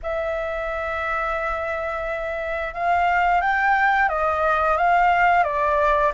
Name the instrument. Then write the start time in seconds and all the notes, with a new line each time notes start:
flute
0.02 E5
2.73 F5
3.41 G5
4.08 D#5
4.77 F5
5.43 D5